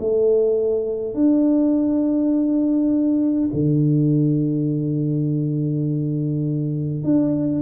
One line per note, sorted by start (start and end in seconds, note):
0.00 1.14 A3
1.14 3.50 D4
3.53 7.04 D3
7.04 7.63 D4